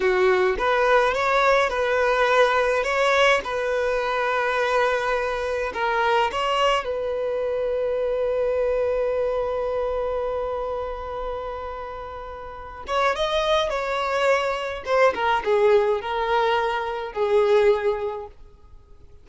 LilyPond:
\new Staff \with { instrumentName = "violin" } { \time 4/4 \tempo 4 = 105 fis'4 b'4 cis''4 b'4~ | b'4 cis''4 b'2~ | b'2 ais'4 cis''4 | b'1~ |
b'1~ | b'2~ b'8 cis''8 dis''4 | cis''2 c''8 ais'8 gis'4 | ais'2 gis'2 | }